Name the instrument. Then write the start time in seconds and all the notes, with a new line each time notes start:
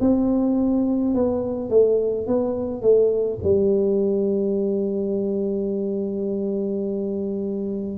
tuba
0.00 C4
1.15 B3
1.70 A3
2.27 B3
2.82 A3
3.43 G3